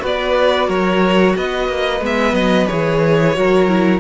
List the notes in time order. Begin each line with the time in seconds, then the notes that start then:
0.00 B3 F#4 B4
0.06 D5
0.67 F#3 A#4 C#5
1.37 B3 B4 D#5
1.69 A#3
2.01 G#3 B3 E5
2.33 F#3 D#5
2.67 E3 G#4 C#5
3.34 F#3 F#4 A#4
3.68 E4